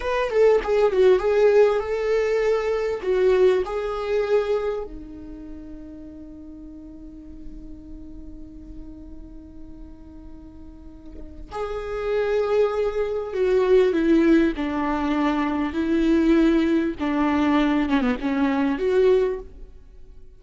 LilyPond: \new Staff \with { instrumentName = "viola" } { \time 4/4 \tempo 4 = 99 b'8 a'8 gis'8 fis'8 gis'4 a'4~ | a'4 fis'4 gis'2 | dis'1~ | dis'1~ |
dis'2. gis'4~ | gis'2 fis'4 e'4 | d'2 e'2 | d'4. cis'16 b16 cis'4 fis'4 | }